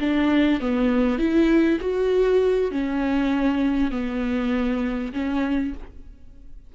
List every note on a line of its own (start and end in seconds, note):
0.00 0.61 D4
0.61 1.18 B3
1.18 1.79 E4
1.80 2.71 F#4
2.71 3.91 C#4
3.91 5.13 B3
5.13 5.74 C#4